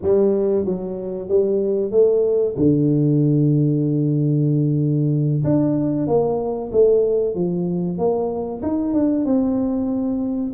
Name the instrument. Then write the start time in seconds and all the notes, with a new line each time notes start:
tuba
0.01 G3
0.65 F#3
1.28 G3
1.91 A3
2.56 D3
5.44 D4
6.07 A#3
6.72 A3
7.34 F3
7.98 A#3
8.62 D#4
8.93 D4
9.25 C4